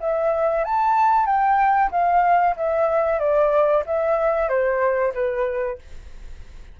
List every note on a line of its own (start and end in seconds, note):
0.00 0.65 E5
0.65 1.26 A5
1.26 1.90 G5
1.91 2.55 F5
2.56 3.19 E5
3.19 3.84 D5
3.86 4.49 E5
4.49 5.13 C5
5.14 5.78 B4